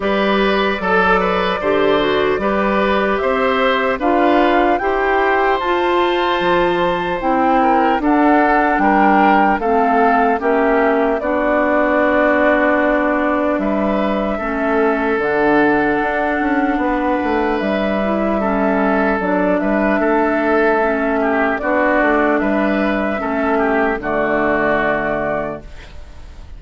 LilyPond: <<
  \new Staff \with { instrumentName = "flute" } { \time 4/4 \tempo 4 = 75 d''1 | e''4 f''4 g''4 a''4~ | a''4 g''4 fis''4 g''4 | f''4 e''4 d''2~ |
d''4 e''2 fis''4~ | fis''2 e''2 | d''8 e''2~ e''8 d''4 | e''2 d''2 | }
  \new Staff \with { instrumentName = "oboe" } { \time 4/4 b'4 a'8 b'8 c''4 b'4 | c''4 b'4 c''2~ | c''4. ais'8 a'4 ais'4 | a'4 g'4 fis'2~ |
fis'4 b'4 a'2~ | a'4 b'2 a'4~ | a'8 b'8 a'4. g'8 fis'4 | b'4 a'8 g'8 fis'2 | }
  \new Staff \with { instrumentName = "clarinet" } { \time 4/4 g'4 a'4 g'8 fis'8 g'4~ | g'4 f'4 g'4 f'4~ | f'4 e'4 d'2 | c'4 cis'4 d'2~ |
d'2 cis'4 d'4~ | d'2~ d'8 e'8 cis'4 | d'2 cis'4 d'4~ | d'4 cis'4 a2 | }
  \new Staff \with { instrumentName = "bassoon" } { \time 4/4 g4 fis4 d4 g4 | c'4 d'4 e'4 f'4 | f4 c'4 d'4 g4 | a4 ais4 b2~ |
b4 g4 a4 d4 | d'8 cis'8 b8 a8 g2 | fis8 g8 a2 b8 a8 | g4 a4 d2 | }
>>